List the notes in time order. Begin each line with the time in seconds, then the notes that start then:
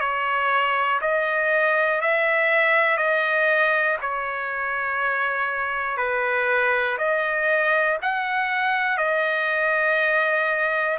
0.00 C#5
1.01 D#5
2.00 E5
2.97 D#5
4.01 C#5
5.97 B4
6.98 D#5
8.01 F#5
8.97 D#5